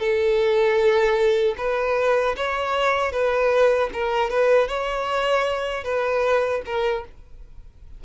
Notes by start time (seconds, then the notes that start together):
0.00 A4
1.58 B4
2.37 C#5
3.12 B4
3.94 A#4
4.30 B4
4.69 C#5
5.84 B4
6.66 A#4